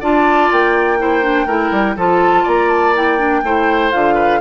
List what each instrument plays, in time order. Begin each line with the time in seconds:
0.00 bassoon D4, clarinet F4, oboe D5, flute A5
0.52 bassoon A#3, flute G5
0.98 clarinet E4, oboe C5
1.22 clarinet D4
1.46 bassoon A3, clarinet E4, oboe A#4
1.71 bassoon G3
1.96 bassoon F3, clarinet F4, oboe A4, flute A5
2.43 bassoon A#3, oboe D5, flute A#5
2.70 flute A5
2.95 clarinet E4, flute G5
3.18 clarinet D4
3.43 bassoon A3, clarinet E4, oboe C5
3.91 bassoon D3, clarinet F4, flute F5
4.15 oboe B4